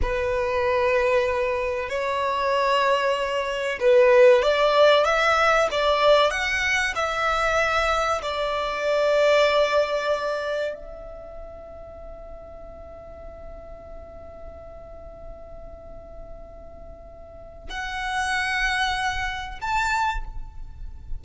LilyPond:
\new Staff \with { instrumentName = "violin" } { \time 4/4 \tempo 4 = 95 b'2. cis''4~ | cis''2 b'4 d''4 | e''4 d''4 fis''4 e''4~ | e''4 d''2.~ |
d''4 e''2.~ | e''1~ | e''1 | fis''2. a''4 | }